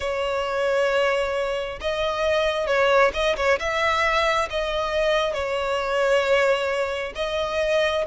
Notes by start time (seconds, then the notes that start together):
0.00 C#5
1.81 D#5
2.66 C#5
3.13 D#5
3.36 C#5
3.59 E5
4.50 D#5
5.33 C#5
7.15 D#5